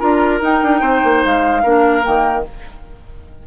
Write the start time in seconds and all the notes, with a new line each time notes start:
0.00 D4 F4 A#4 A#5
0.41 D#4 G5
0.63 D4
0.81 C4 C5
1.04 A#3
1.25 G#3 F5
1.64 A#3 D4 A#4
2.04 D#3 A#3 G5